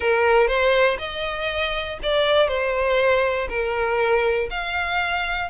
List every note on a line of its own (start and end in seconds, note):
0.00 0.47 A#4
0.47 0.97 C5
0.98 1.98 D#5
2.02 2.48 D5
2.48 3.47 C5
3.49 4.49 A#4
4.50 5.49 F5